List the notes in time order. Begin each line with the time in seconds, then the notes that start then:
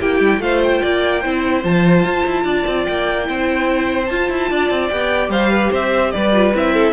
0.00 A#3 E4 G4 G5
0.20 G3
0.39 A3 F4 C5 F5
0.64 G5
0.82 A#3 D5
1.21 C4 E4 C5
1.63 F3 F4 A5
2.05 F4
2.26 E4
2.44 D4 D5
2.67 C4
2.85 A#3 G5
3.24 C4 E4 C5
4.06 F4 A5
4.30 E4
4.51 D4 D5
4.70 C4
4.89 B3 G4 G5
5.29 G3 C5 F5
5.51 B4
5.71 C4 C5 E5
6.11 G3 B4 D5
6.33 F4
6.54 C4 E4 E5
6.74 A4